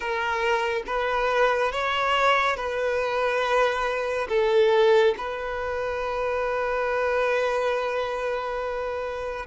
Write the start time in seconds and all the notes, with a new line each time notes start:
0.00 A#4
0.86 B4
1.72 C#5
2.56 B4
4.29 A4
5.17 B4